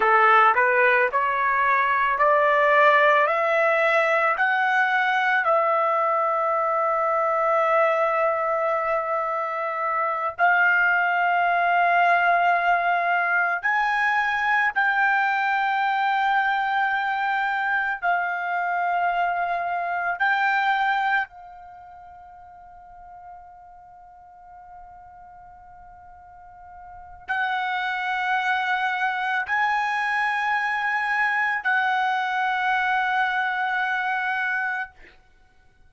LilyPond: \new Staff \with { instrumentName = "trumpet" } { \time 4/4 \tempo 4 = 55 a'8 b'8 cis''4 d''4 e''4 | fis''4 e''2.~ | e''4. f''2~ f''8~ | f''8 gis''4 g''2~ g''8~ |
g''8 f''2 g''4 f''8~ | f''1~ | f''4 fis''2 gis''4~ | gis''4 fis''2. | }